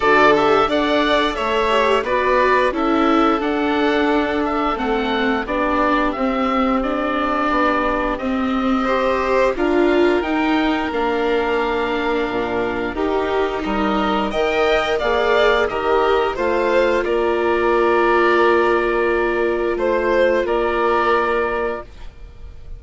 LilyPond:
<<
  \new Staff \with { instrumentName = "oboe" } { \time 4/4 \tempo 4 = 88 d''8 e''8 fis''4 e''4 d''4 | e''4 fis''4. e''8 fis''4 | d''4 e''4 d''2 | dis''2 f''4 g''4 |
f''2. ais'4 | dis''4 g''4 f''4 dis''4 | f''4 d''2.~ | d''4 c''4 d''2 | }
  \new Staff \with { instrumentName = "violin" } { \time 4/4 a'4 d''4 cis''4 b'4 | a'1 | g'1~ | g'4 c''4 ais'2~ |
ais'2. g'4 | ais'4 dis''4 d''4 ais'4 | c''4 ais'2.~ | ais'4 c''4 ais'2 | }
  \new Staff \with { instrumentName = "viola" } { \time 4/4 fis'8 g'8 a'4. g'8 fis'4 | e'4 d'2 c'4 | d'4 c'4 d'2 | c'4 g'4 f'4 dis'4 |
d'2. dis'4~ | dis'4 ais'4 gis'4 g'4 | f'1~ | f'1 | }
  \new Staff \with { instrumentName = "bassoon" } { \time 4/4 d4 d'4 a4 b4 | cis'4 d'2 a4 | b4 c'2 b4 | c'2 d'4 dis'4 |
ais2 ais,4 dis'4 | g4 dis4 ais4 dis4 | a4 ais2.~ | ais4 a4 ais2 | }
>>